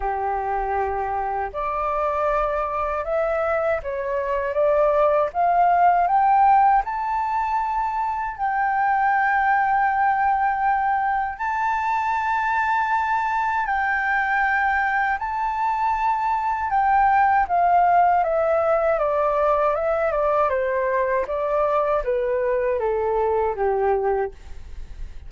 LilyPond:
\new Staff \with { instrumentName = "flute" } { \time 4/4 \tempo 4 = 79 g'2 d''2 | e''4 cis''4 d''4 f''4 | g''4 a''2 g''4~ | g''2. a''4~ |
a''2 g''2 | a''2 g''4 f''4 | e''4 d''4 e''8 d''8 c''4 | d''4 b'4 a'4 g'4 | }